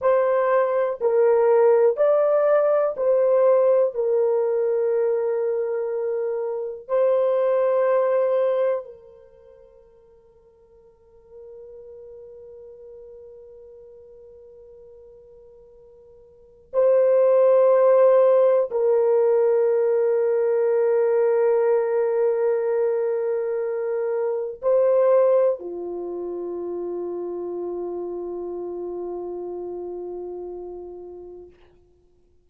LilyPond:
\new Staff \with { instrumentName = "horn" } { \time 4/4 \tempo 4 = 61 c''4 ais'4 d''4 c''4 | ais'2. c''4~ | c''4 ais'2.~ | ais'1~ |
ais'4 c''2 ais'4~ | ais'1~ | ais'4 c''4 f'2~ | f'1 | }